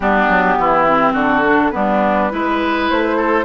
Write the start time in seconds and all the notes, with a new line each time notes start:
0.00 G3 B3 D4 G4
0.28 F#3
0.58 E3 E4
0.87 C4
1.13 D3 F#4
1.20 A4
1.44 D4
1.70 G3 B3 D4 B4
2.30 G#3 E4 B4
2.89 A3 C5
3.16 A4